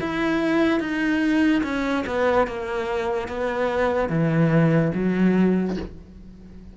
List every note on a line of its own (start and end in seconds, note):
0.00 0.80 E4
0.80 1.62 D#4
1.63 2.04 C#4
2.06 2.47 B3
2.47 3.28 A#3
3.28 4.09 B3
4.09 4.91 E3
4.94 5.76 F#3